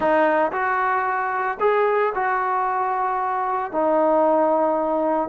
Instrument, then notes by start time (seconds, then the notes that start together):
trombone
0.00 D#4
0.51 F#4
1.60 G#4
2.15 F#4
3.71 D#4